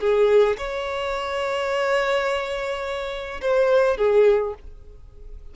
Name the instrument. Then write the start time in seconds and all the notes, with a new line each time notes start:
violin
0.00 G#4
0.57 C#5
3.41 C5
3.97 G#4